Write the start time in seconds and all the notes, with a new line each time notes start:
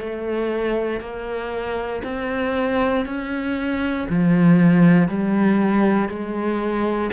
0.00 A3
1.01 A#3
2.04 C4
3.06 C#4
4.10 F3
5.09 G3
6.09 G#3